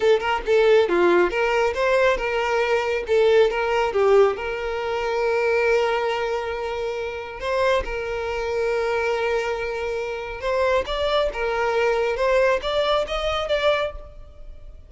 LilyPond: \new Staff \with { instrumentName = "violin" } { \time 4/4 \tempo 4 = 138 a'8 ais'8 a'4 f'4 ais'4 | c''4 ais'2 a'4 | ais'4 g'4 ais'2~ | ais'1~ |
ais'4 c''4 ais'2~ | ais'1 | c''4 d''4 ais'2 | c''4 d''4 dis''4 d''4 | }